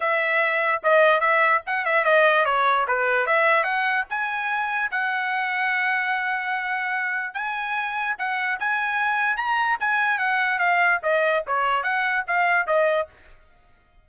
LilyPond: \new Staff \with { instrumentName = "trumpet" } { \time 4/4 \tempo 4 = 147 e''2 dis''4 e''4 | fis''8 e''8 dis''4 cis''4 b'4 | e''4 fis''4 gis''2 | fis''1~ |
fis''2 gis''2 | fis''4 gis''2 ais''4 | gis''4 fis''4 f''4 dis''4 | cis''4 fis''4 f''4 dis''4 | }